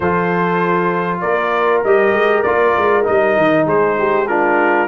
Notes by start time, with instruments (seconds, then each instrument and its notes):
0.00 tuba F3, trombone F4, horn A4, trumpet C5
1.21 tuba A#3, horn A#4, trumpet D5
1.83 tuba G3, trombone G4, trumpet D#5
2.12 tuba G#3
2.42 tuba A#3, trombone F4, trumpet D5
2.77 tuba G#3
3.03 tuba G3, trombone D#4, trumpet D#5
3.36 tuba D#3
3.66 tuba G#3, horn G#4, trumpet C5
3.98 horn G4
4.27 trombone D4, horn F4, trumpet A#4